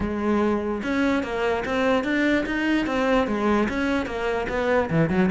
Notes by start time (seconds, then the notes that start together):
0.00 G#3
0.83 C#4
1.23 A#3
1.65 C4
2.04 D4
2.45 D#4
2.86 C4
3.27 G#3
3.68 C#4
4.06 A#3
4.48 B3
4.90 E3
5.09 F#3